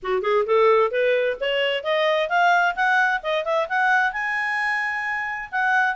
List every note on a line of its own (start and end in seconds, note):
0.02 0.21 F#4
0.21 0.44 G#4
0.46 0.91 A4
0.91 1.37 B4
1.40 1.83 C#5
1.83 2.29 D#5
2.29 2.75 F5
2.75 3.21 F#5
3.22 3.45 D#5
3.45 3.67 E5
3.68 4.12 F#5
4.12 5.49 G#5
5.51 5.95 F#5